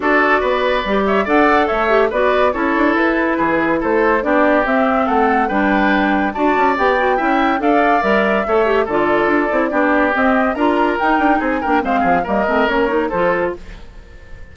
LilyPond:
<<
  \new Staff \with { instrumentName = "flute" } { \time 4/4 \tempo 4 = 142 d''2~ d''8 e''8 fis''4 | e''4 d''4 cis''4 b'4~ | b'4 c''4 d''4 e''4 | fis''4 g''2 a''4 |
g''2 f''4 e''4~ | e''4 d''2. | dis''4 ais''4 g''4 gis''8 g''8 | f''4 dis''4 cis''4 c''4 | }
  \new Staff \with { instrumentName = "oboe" } { \time 4/4 a'4 b'4. cis''8 d''4 | cis''4 b'4 a'2 | gis'4 a'4 g'2 | a'4 b'2 d''4~ |
d''4 e''4 d''2 | cis''4 a'2 g'4~ | g'4 ais'2 gis'8 ais'8 | c''8 gis'8 ais'2 a'4 | }
  \new Staff \with { instrumentName = "clarinet" } { \time 4/4 fis'2 g'4 a'4~ | a'8 g'8 fis'4 e'2~ | e'2 d'4 c'4~ | c'4 d'2 fis'4 |
g'8 fis'8 e'4 a'4 ais'4 | a'8 g'8 f'4. e'8 d'4 | c'4 f'4 dis'4. d'8 | c'4 ais8 c'8 cis'8 dis'8 f'4 | }
  \new Staff \with { instrumentName = "bassoon" } { \time 4/4 d'4 b4 g4 d'4 | a4 b4 cis'8 d'8 e'4 | e4 a4 b4 c'4 | a4 g2 d'8 cis'8 |
b4 cis'4 d'4 g4 | a4 d4 d'8 c'8 b4 | c'4 d'4 dis'8 d'8 c'8 ais8 | gis8 f8 g8 a8 ais4 f4 | }
>>